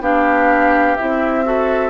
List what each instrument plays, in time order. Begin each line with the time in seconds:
0.00 bassoon B3, clarinet D4, oboe G4, flute F5
0.96 bassoon C4, clarinet E4, flute E5
1.44 clarinet F#4, oboe A4